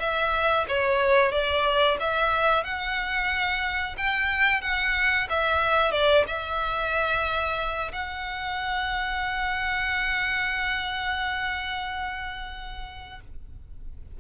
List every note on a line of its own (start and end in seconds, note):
0.00 0.66 E5
0.69 1.32 C#5
1.32 1.98 D5
2.00 2.64 E5
2.64 3.96 F#5
3.98 4.62 G5
4.62 5.28 F#5
5.30 5.92 E5
5.92 6.25 D5
6.27 7.92 E5
7.93 13.20 F#5